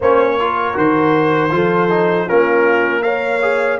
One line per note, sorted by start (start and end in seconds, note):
0.00 0.76 A#3
0.00 0.39 C#4
0.00 0.37 C5
0.00 0.77 C#5
0.39 0.74 F4
0.39 1.54 A#4
0.74 1.51 D#3
0.74 1.50 F#4
0.74 2.28 C5
1.51 2.27 F3
1.51 1.89 F4
1.51 2.26 A4
1.90 2.28 D#4
2.26 3.79 A#3
2.26 3.02 C#4
2.26 3.02 F4
2.26 3.02 A#4
3.02 3.40 A#4
3.02 3.79 C#5
3.02 3.78 F5
3.41 3.79 G#4